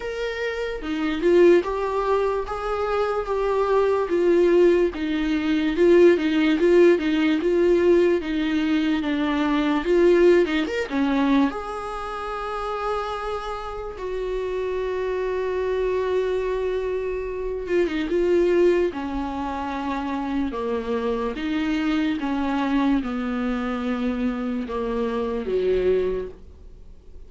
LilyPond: \new Staff \with { instrumentName = "viola" } { \time 4/4 \tempo 4 = 73 ais'4 dis'8 f'8 g'4 gis'4 | g'4 f'4 dis'4 f'8 dis'8 | f'8 dis'8 f'4 dis'4 d'4 | f'8. dis'16 ais'16 cis'8. gis'2~ |
gis'4 fis'2.~ | fis'4. f'16 dis'16 f'4 cis'4~ | cis'4 ais4 dis'4 cis'4 | b2 ais4 fis4 | }